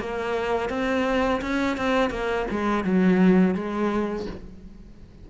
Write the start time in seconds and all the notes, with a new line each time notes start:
0.00 A#3
0.69 C4
1.42 C#4
1.77 C4
2.10 A#3
2.51 G#3
2.84 F#3
3.55 G#3